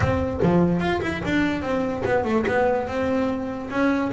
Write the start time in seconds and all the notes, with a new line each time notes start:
0.00 C4
0.42 F3
0.80 F4
1.01 E4
1.25 D4
1.61 C4
2.05 B3
2.24 A3
2.46 B3
2.87 C4
3.70 C#4